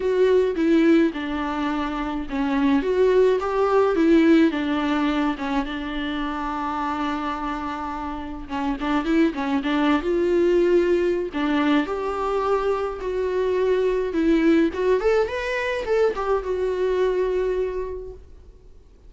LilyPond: \new Staff \with { instrumentName = "viola" } { \time 4/4 \tempo 4 = 106 fis'4 e'4 d'2 | cis'4 fis'4 g'4 e'4 | d'4. cis'8 d'2~ | d'2. cis'8 d'8 |
e'8 cis'8 d'8. f'2~ f'16 | d'4 g'2 fis'4~ | fis'4 e'4 fis'8 a'8 b'4 | a'8 g'8 fis'2. | }